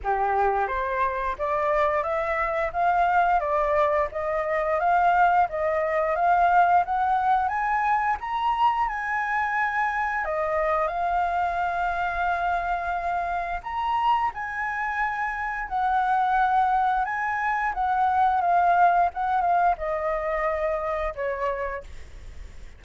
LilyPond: \new Staff \with { instrumentName = "flute" } { \time 4/4 \tempo 4 = 88 g'4 c''4 d''4 e''4 | f''4 d''4 dis''4 f''4 | dis''4 f''4 fis''4 gis''4 | ais''4 gis''2 dis''4 |
f''1 | ais''4 gis''2 fis''4~ | fis''4 gis''4 fis''4 f''4 | fis''8 f''8 dis''2 cis''4 | }